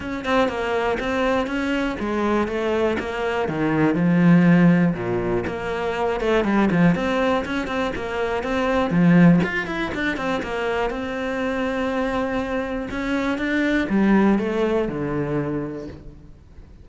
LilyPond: \new Staff \with { instrumentName = "cello" } { \time 4/4 \tempo 4 = 121 cis'8 c'8 ais4 c'4 cis'4 | gis4 a4 ais4 dis4 | f2 ais,4 ais4~ | ais8 a8 g8 f8 c'4 cis'8 c'8 |
ais4 c'4 f4 f'8 e'8 | d'8 c'8 ais4 c'2~ | c'2 cis'4 d'4 | g4 a4 d2 | }